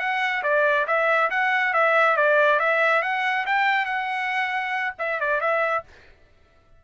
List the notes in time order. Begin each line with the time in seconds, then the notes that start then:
0.00 F#5
0.44 D5
0.87 E5
1.31 F#5
1.74 E5
2.17 D5
2.60 E5
3.03 F#5
3.47 G5
3.86 F#5
4.99 E5
5.21 D5
5.41 E5